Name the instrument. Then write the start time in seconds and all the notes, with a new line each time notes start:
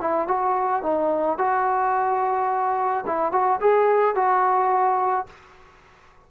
trombone
0.00 E4
0.27 F#4
0.82 D#4
1.38 F#4
3.06 E4
3.32 F#4
3.60 G#4
4.15 F#4